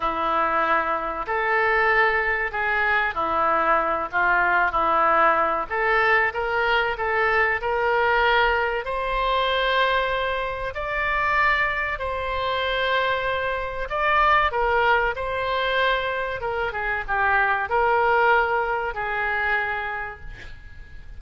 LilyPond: \new Staff \with { instrumentName = "oboe" } { \time 4/4 \tempo 4 = 95 e'2 a'2 | gis'4 e'4. f'4 e'8~ | e'4 a'4 ais'4 a'4 | ais'2 c''2~ |
c''4 d''2 c''4~ | c''2 d''4 ais'4 | c''2 ais'8 gis'8 g'4 | ais'2 gis'2 | }